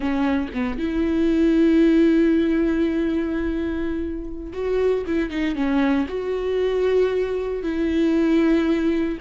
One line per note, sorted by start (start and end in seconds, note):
0.00 0.49 C#4
0.53 0.78 B3
0.78 4.53 E4
4.53 5.04 F#4
5.06 5.29 E4
5.29 5.55 D#4
5.55 6.06 C#4
6.08 7.62 F#4
7.62 9.18 E4